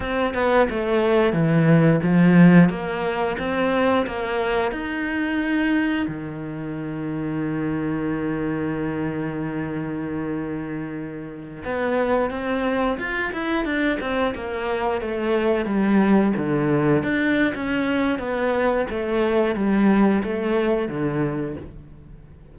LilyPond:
\new Staff \with { instrumentName = "cello" } { \time 4/4 \tempo 4 = 89 c'8 b8 a4 e4 f4 | ais4 c'4 ais4 dis'4~ | dis'4 dis2.~ | dis1~ |
dis4~ dis16 b4 c'4 f'8 e'16~ | e'16 d'8 c'8 ais4 a4 g8.~ | g16 d4 d'8. cis'4 b4 | a4 g4 a4 d4 | }